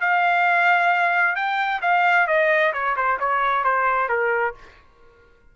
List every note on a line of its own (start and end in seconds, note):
0.00 1.35 F5
1.35 1.81 G5
1.81 2.27 F5
2.27 2.72 D#5
2.73 2.95 C#5
2.96 3.19 C5
3.19 3.64 C#5
3.64 4.08 C5
4.08 4.54 A#4